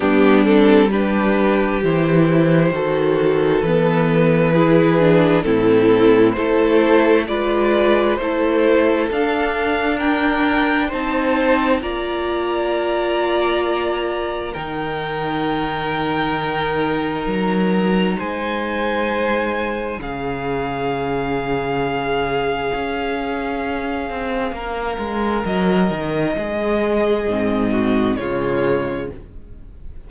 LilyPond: <<
  \new Staff \with { instrumentName = "violin" } { \time 4/4 \tempo 4 = 66 g'8 a'8 b'4 c''2 | b'2 a'4 c''4 | d''4 c''4 f''4 g''4 | a''4 ais''2. |
g''2. ais''4 | gis''2 f''2~ | f''1 | dis''2. cis''4 | }
  \new Staff \with { instrumentName = "violin" } { \time 4/4 d'4 g'2 a'4~ | a'4 gis'4 e'4 a'4 | b'4 a'2 ais'4 | c''4 d''2. |
ais'1 | c''2 gis'2~ | gis'2. ais'4~ | ais'4 gis'4. fis'8 f'4 | }
  \new Staff \with { instrumentName = "viola" } { \time 4/4 b8 c'8 d'4 e'4 fis'4 | b4 e'8 d'8 c'4 e'4 | f'4 e'4 d'2 | dis'4 f'2. |
dis'1~ | dis'2 cis'2~ | cis'1~ | cis'2 c'4 gis4 | }
  \new Staff \with { instrumentName = "cello" } { \time 4/4 g2 e4 dis4 | e2 a,4 a4 | gis4 a4 d'2 | c'4 ais2. |
dis2. fis4 | gis2 cis2~ | cis4 cis'4. c'8 ais8 gis8 | fis8 dis8 gis4 gis,4 cis4 | }
>>